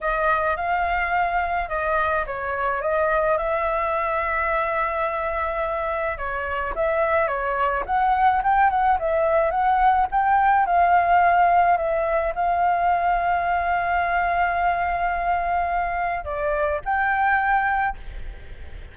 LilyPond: \new Staff \with { instrumentName = "flute" } { \time 4/4 \tempo 4 = 107 dis''4 f''2 dis''4 | cis''4 dis''4 e''2~ | e''2. cis''4 | e''4 cis''4 fis''4 g''8 fis''8 |
e''4 fis''4 g''4 f''4~ | f''4 e''4 f''2~ | f''1~ | f''4 d''4 g''2 | }